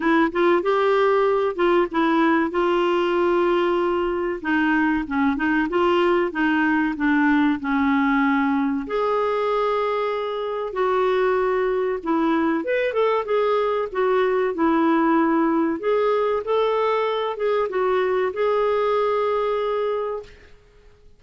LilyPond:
\new Staff \with { instrumentName = "clarinet" } { \time 4/4 \tempo 4 = 95 e'8 f'8 g'4. f'8 e'4 | f'2. dis'4 | cis'8 dis'8 f'4 dis'4 d'4 | cis'2 gis'2~ |
gis'4 fis'2 e'4 | b'8 a'8 gis'4 fis'4 e'4~ | e'4 gis'4 a'4. gis'8 | fis'4 gis'2. | }